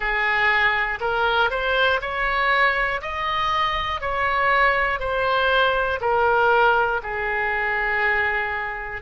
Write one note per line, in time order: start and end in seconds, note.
0.00 0.99 G#4
1.00 1.50 A#4
1.50 2.00 C5
2.01 3.01 C#5
3.01 4.00 D#5
4.00 4.99 C#5
4.99 5.99 C5
6.00 7.00 A#4
7.02 9.01 G#4